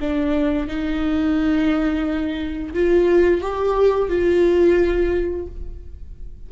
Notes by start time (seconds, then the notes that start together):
0.00 D4
0.67 D#4
2.74 F4
3.41 G4
4.08 F4